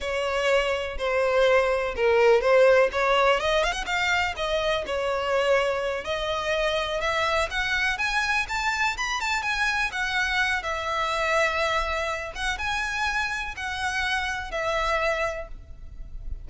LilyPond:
\new Staff \with { instrumentName = "violin" } { \time 4/4 \tempo 4 = 124 cis''2 c''2 | ais'4 c''4 cis''4 dis''8 f''16 fis''16 | f''4 dis''4 cis''2~ | cis''8 dis''2 e''4 fis''8~ |
fis''8 gis''4 a''4 b''8 a''8 gis''8~ | gis''8 fis''4. e''2~ | e''4. fis''8 gis''2 | fis''2 e''2 | }